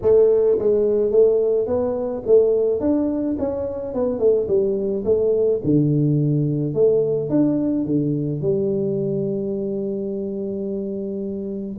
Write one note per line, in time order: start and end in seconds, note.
0.02 0.58 A3
0.58 1.11 G#3
1.11 1.66 A3
1.66 2.23 B3
2.26 2.80 A3
2.80 3.36 D4
3.38 3.94 C#4
3.94 4.19 B3
4.19 4.47 A3
4.48 5.04 G3
5.04 5.60 A3
5.64 6.74 D3
6.74 7.29 A3
7.29 7.85 D4
7.85 8.41 D3
8.41 11.77 G3